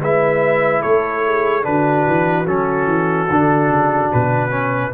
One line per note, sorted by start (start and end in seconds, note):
0.00 0.82 G#3
0.00 1.62 E4
0.00 0.81 B4
0.00 0.82 E5
0.81 1.65 A3
0.81 1.22 A4
0.81 1.64 C#5
1.26 1.67 G#4
1.62 2.06 D3
1.62 2.45 D4
1.62 4.94 F#4
1.62 2.46 B4
2.07 2.46 E3
2.46 2.86 F#3
2.46 3.28 C#4
2.46 4.11 A4
2.86 3.27 E3
3.29 3.69 D3
3.29 4.49 D4
3.69 4.10 C#3
4.12 4.94 B2
4.12 4.94 B4
4.49 4.91 C#4